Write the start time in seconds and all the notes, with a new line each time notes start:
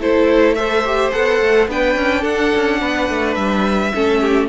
0.00 A3 E4 A4 C5
0.55 A4 C5 E5
0.85 G4
1.12 B3 A4 F#5
1.41 A3
1.68 B3 D4 B4 G5
1.96 C#4
2.22 D4 A4 F#5
2.56 C#4
2.81 B3 B4
3.10 A3
3.35 G3 E5
3.95 A3 C#4 A4
4.21 G4